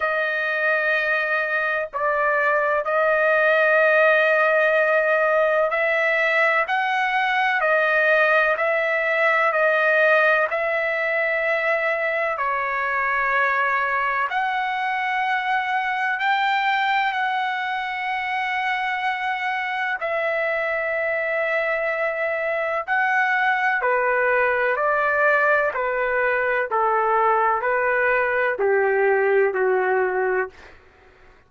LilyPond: \new Staff \with { instrumentName = "trumpet" } { \time 4/4 \tempo 4 = 63 dis''2 d''4 dis''4~ | dis''2 e''4 fis''4 | dis''4 e''4 dis''4 e''4~ | e''4 cis''2 fis''4~ |
fis''4 g''4 fis''2~ | fis''4 e''2. | fis''4 b'4 d''4 b'4 | a'4 b'4 g'4 fis'4 | }